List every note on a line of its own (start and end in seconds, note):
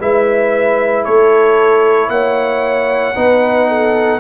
0.00 1.05 G#3
0.00 3.16 E4
0.00 1.06 B4
0.00 1.05 E5
1.05 2.09 A3
1.05 2.11 A4
1.05 2.10 C#5
2.09 3.14 A#3
2.09 3.16 C#5
2.09 4.20 F#5
3.16 4.20 B3
3.16 4.20 D#4
3.16 3.68 B4
3.68 4.20 A4